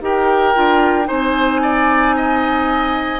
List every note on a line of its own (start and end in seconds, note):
0.00 0.54 D#4
0.00 0.54 G4
0.00 1.07 A#4
0.00 1.08 G5
0.54 1.09 D4
0.54 1.04 F4
1.04 3.20 C4
1.04 3.19 D#4
1.04 1.61 C5
1.04 3.20 G#5
1.62 2.16 D5
2.16 3.20 D#5